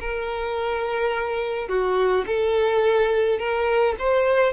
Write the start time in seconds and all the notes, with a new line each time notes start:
0.00 A#4
1.68 F#4
2.26 A4
3.39 A#4
3.99 C5